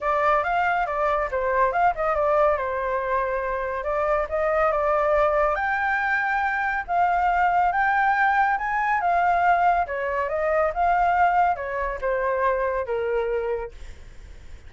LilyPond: \new Staff \with { instrumentName = "flute" } { \time 4/4 \tempo 4 = 140 d''4 f''4 d''4 c''4 | f''8 dis''8 d''4 c''2~ | c''4 d''4 dis''4 d''4~ | d''4 g''2. |
f''2 g''2 | gis''4 f''2 cis''4 | dis''4 f''2 cis''4 | c''2 ais'2 | }